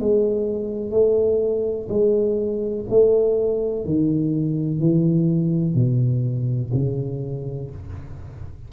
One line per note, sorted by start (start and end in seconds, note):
0.00 0.91 G#3
0.91 1.88 A3
1.89 2.86 G#3
2.90 3.85 A3
3.85 4.79 D#3
4.79 5.75 E3
5.75 6.72 B2
6.74 7.71 C#3